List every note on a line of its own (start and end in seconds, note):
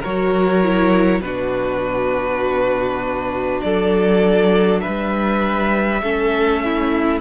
0.00 1.21 F#3
0.00 0.63 F#4
0.00 1.20 A#4
0.00 1.21 C#5
0.63 1.23 E4
1.21 3.61 B2
1.21 6.03 D4
1.21 3.65 F#4
1.21 3.61 B4
3.62 4.84 F#3
3.62 4.82 A4
3.62 4.80 D5
4.80 6.02 B4
4.80 7.21 E5
4.87 6.02 G3
6.02 7.21 A3
6.02 7.21 C#4
6.02 6.63 A4
6.64 7.21 E4